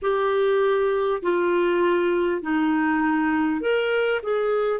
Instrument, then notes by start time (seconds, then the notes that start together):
clarinet
0.02 G4
1.22 F4
2.42 D#4
3.61 A#4
4.22 G#4